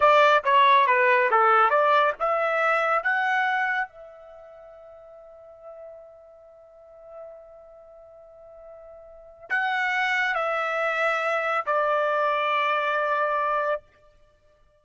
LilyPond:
\new Staff \with { instrumentName = "trumpet" } { \time 4/4 \tempo 4 = 139 d''4 cis''4 b'4 a'4 | d''4 e''2 fis''4~ | fis''4 e''2.~ | e''1~ |
e''1~ | e''2 fis''2 | e''2. d''4~ | d''1 | }